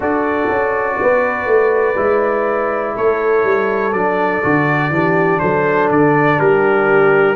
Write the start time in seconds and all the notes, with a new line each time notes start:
0.00 D4 F#4 A4 D5
0.49 C#4
1.01 B3 B4
1.45 A3
1.95 G#3 E4
2.95 A3 A4 C#5
3.44 G3
3.92 F#3 D4 D5
4.42 D3 F#4
4.90 E3 D4 G4
5.39 F#3 A4 C5
5.90 D3 D5
6.38 G3 G4 A#4